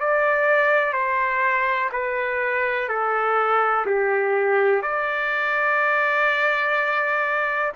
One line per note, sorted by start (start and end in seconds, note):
0.00 0.93 D5
0.93 1.90 C5
1.92 2.89 B4
2.89 3.85 A4
3.85 4.82 G4
4.82 7.72 D5